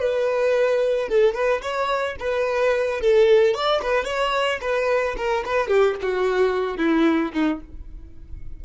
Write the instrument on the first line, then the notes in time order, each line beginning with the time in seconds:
violin
0.00 B4
1.09 A4
1.35 B4
1.62 C#5
2.20 B4
3.01 A4
3.55 D5
3.83 B4
4.05 C#5
4.61 B4
5.18 A#4
5.46 B4
5.69 G4
6.02 F#4
6.78 E4
7.34 D#4